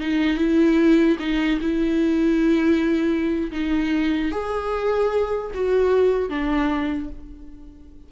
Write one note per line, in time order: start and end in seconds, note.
0.00 0.37 D#4
0.37 1.17 E4
1.19 1.59 D#4
1.61 3.51 E4
3.51 4.31 D#4
4.31 5.51 G#4
5.54 6.29 F#4
6.29 7.09 D4